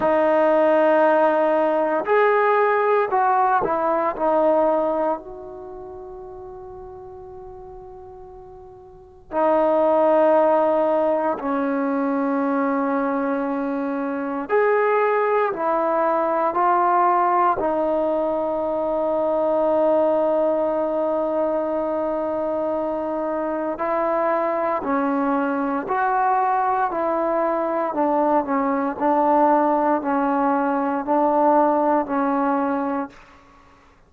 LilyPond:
\new Staff \with { instrumentName = "trombone" } { \time 4/4 \tempo 4 = 58 dis'2 gis'4 fis'8 e'8 | dis'4 fis'2.~ | fis'4 dis'2 cis'4~ | cis'2 gis'4 e'4 |
f'4 dis'2.~ | dis'2. e'4 | cis'4 fis'4 e'4 d'8 cis'8 | d'4 cis'4 d'4 cis'4 | }